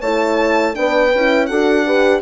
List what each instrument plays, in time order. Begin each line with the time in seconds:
0.00 bassoon A3, horn E4 C#5, violin A5
0.74 bassoon B3, horn D4 B4, violin G5
1.14 bassoon C#4, horn E4
1.46 bassoon D4, horn F#4 A4, violin F#5
1.86 horn G4 B4